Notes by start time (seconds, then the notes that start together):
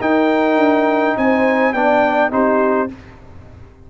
0.00 D#4 A#4 G5
0.57 D4
1.17 C4 C5 G#5
1.73 B3 D4 D5 G5
2.30 C4 D#4 G4 C5